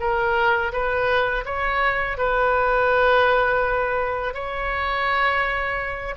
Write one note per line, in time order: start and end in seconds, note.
0.00 0.72 A#4
0.73 1.45 B4
1.45 2.18 C#5
2.18 4.34 B4
4.34 6.15 C#5